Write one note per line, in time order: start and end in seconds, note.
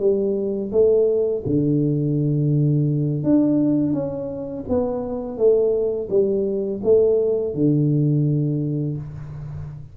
0.00 0.71 G3
0.72 1.44 A3
1.46 3.24 D3
3.24 3.93 D4
3.93 4.65 C#4
4.69 5.38 B3
5.38 6.09 A3
6.10 6.81 G3
6.84 7.55 A3
7.55 8.97 D3